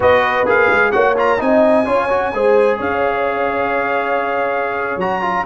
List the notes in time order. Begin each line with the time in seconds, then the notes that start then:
0.00 B3 F#4 B4 D#5
0.46 A#3 G#4 F5
0.70 G#3
0.91 A#3 F#4 C#5 F#5
1.17 F4 A#5
1.38 C4 D#4 D#5 G#5
1.85 C#4 F4 C#5
2.09 F#4
2.33 G#3 G#4 C5
2.77 C#4 C#5 F5
4.97 F#3 F#4 A#5
5.21 F4